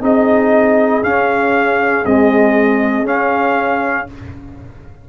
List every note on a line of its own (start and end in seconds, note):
0.00 1.02 C4
0.00 1.02 D#4
0.00 4.08 G#4
0.00 1.03 D#5
1.02 2.04 C#4
1.02 2.05 F5
2.05 3.04 G#3
2.05 3.03 C4
2.05 3.06 D#5
3.03 4.05 C#4
3.03 4.06 C#4
3.03 4.09 F5